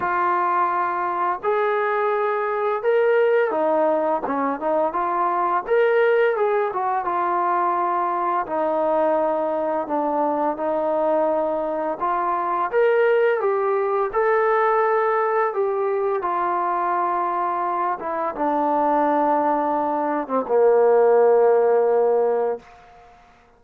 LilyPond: \new Staff \with { instrumentName = "trombone" } { \time 4/4 \tempo 4 = 85 f'2 gis'2 | ais'4 dis'4 cis'8 dis'8 f'4 | ais'4 gis'8 fis'8 f'2 | dis'2 d'4 dis'4~ |
dis'4 f'4 ais'4 g'4 | a'2 g'4 f'4~ | f'4. e'8 d'2~ | d'8. c'16 ais2. | }